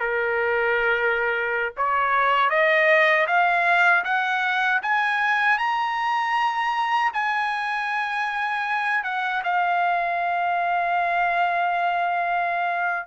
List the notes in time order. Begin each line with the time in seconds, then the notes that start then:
0.00 A#4
1.77 C#5
2.50 D#5
3.27 F5
4.04 F#5
4.82 G#5
5.58 A#5
7.13 G#5
9.04 F#5
9.44 F5